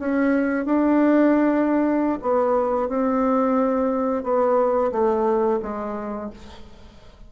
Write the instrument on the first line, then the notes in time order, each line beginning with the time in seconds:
bassoon
0.00 C#4
0.66 D4
2.23 B3
2.89 C4
4.24 B3
4.92 A3
5.63 G#3